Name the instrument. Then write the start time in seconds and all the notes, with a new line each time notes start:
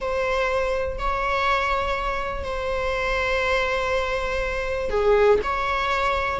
viola
0.00 C5
0.98 C#5
2.43 C5
4.89 G#4
5.43 C#5